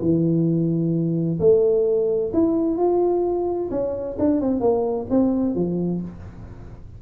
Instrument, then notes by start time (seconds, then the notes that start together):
tuba
0.00 E3
1.40 A3
2.33 E4
2.77 F4
3.70 C#4
4.18 D4
4.41 C4
4.60 A#3
5.10 C4
5.55 F3